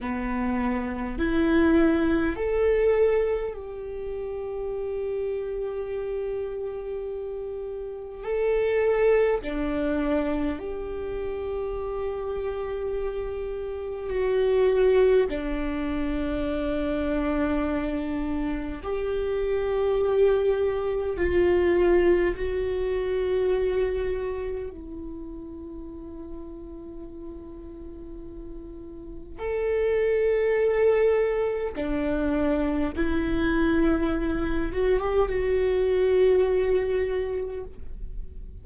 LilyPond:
\new Staff \with { instrumentName = "viola" } { \time 4/4 \tempo 4 = 51 b4 e'4 a'4 g'4~ | g'2. a'4 | d'4 g'2. | fis'4 d'2. |
g'2 f'4 fis'4~ | fis'4 e'2.~ | e'4 a'2 d'4 | e'4. fis'16 g'16 fis'2 | }